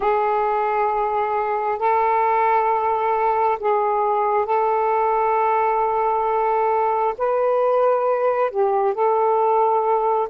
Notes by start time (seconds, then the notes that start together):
0.00 G#4
1.79 A4
3.59 G#4
4.45 A4
7.18 B4
8.51 G4
8.93 A4